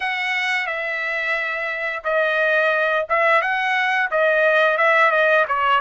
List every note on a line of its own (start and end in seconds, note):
0.00 0.67 F#5
0.67 2.03 E5
2.04 3.06 D#5
3.09 3.41 E5
3.41 4.09 F#5
4.10 4.77 D#5
4.77 5.11 E5
5.11 5.45 D#5
5.47 5.80 C#5